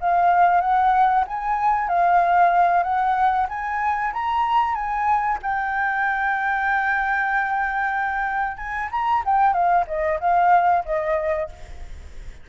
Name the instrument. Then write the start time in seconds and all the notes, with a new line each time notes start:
flute
0.00 F5
0.60 F#5
1.27 G#5
1.88 F5
2.83 F#5
3.49 G#5
4.13 A#5
4.74 G#5
5.42 G5
8.57 G#5
8.91 A#5
9.25 G5
9.53 F5
9.87 D#5
10.20 F5
10.85 D#5